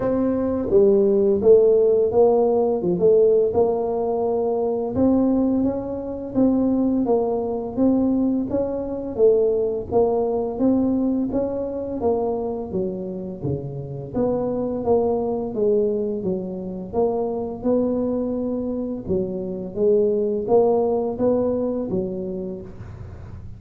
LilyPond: \new Staff \with { instrumentName = "tuba" } { \time 4/4 \tempo 4 = 85 c'4 g4 a4 ais4 | f16 a8. ais2 c'4 | cis'4 c'4 ais4 c'4 | cis'4 a4 ais4 c'4 |
cis'4 ais4 fis4 cis4 | b4 ais4 gis4 fis4 | ais4 b2 fis4 | gis4 ais4 b4 fis4 | }